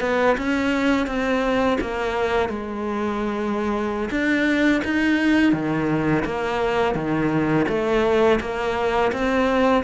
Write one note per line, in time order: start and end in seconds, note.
0.00 0.36 B3
0.37 1.06 C#4
1.06 1.78 C4
1.80 2.49 A#3
2.49 4.09 G#3
4.10 4.82 D4
4.84 5.52 D#4
5.52 6.24 D#3
6.25 6.94 A#3
6.94 7.66 D#3
7.68 8.39 A3
8.40 9.12 A#3
9.12 9.83 C4